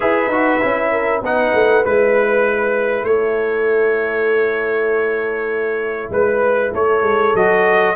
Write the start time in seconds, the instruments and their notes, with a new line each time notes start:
0.00 tuba E4, trombone G#4, horn B4, trumpet E5
0.27 tuba D#4, trombone F#4
0.61 tuba C#4, trombone E4
0.91 horn A#4
1.21 tuba B3, trombone D#4, horn B4, trumpet F#5
1.54 tuba A3
1.84 tuba G#3, trombone E4, trumpet B4
3.03 tuba A3, horn A4, trumpet C#5
6.10 tuba G#3, trumpet B4, horn B4
6.73 tuba A3, horn A4, trumpet C#5
7.02 tuba G#3
7.34 tuba F#3, trombone F#4, trumpet D#5